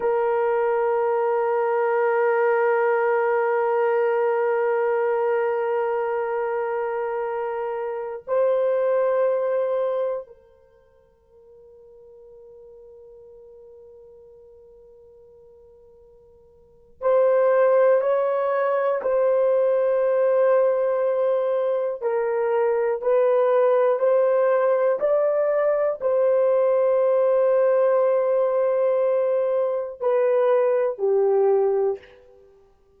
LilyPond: \new Staff \with { instrumentName = "horn" } { \time 4/4 \tempo 4 = 60 ais'1~ | ais'1~ | ais'16 c''2 ais'4.~ ais'16~ | ais'1~ |
ais'4 c''4 cis''4 c''4~ | c''2 ais'4 b'4 | c''4 d''4 c''2~ | c''2 b'4 g'4 | }